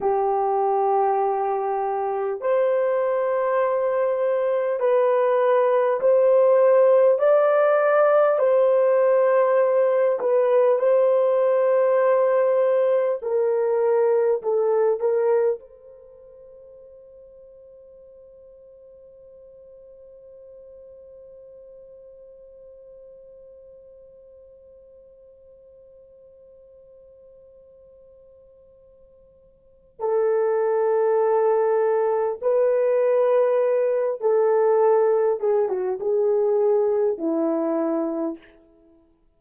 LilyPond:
\new Staff \with { instrumentName = "horn" } { \time 4/4 \tempo 4 = 50 g'2 c''2 | b'4 c''4 d''4 c''4~ | c''8 b'8 c''2 ais'4 | a'8 ais'8 c''2.~ |
c''1~ | c''1~ | c''4 a'2 b'4~ | b'8 a'4 gis'16 fis'16 gis'4 e'4 | }